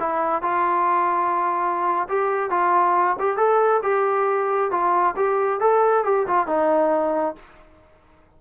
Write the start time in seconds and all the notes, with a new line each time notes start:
0.00 E4
0.43 F4
2.09 G4
2.51 F4
3.19 G4
3.37 A4
3.83 G4
4.71 F4
5.17 G4
5.60 A4
6.05 G4
6.27 F4
6.47 D#4